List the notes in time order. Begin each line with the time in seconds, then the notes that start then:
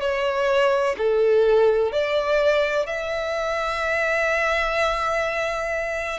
0.00 C#5
0.97 A4
1.92 D5
2.86 E5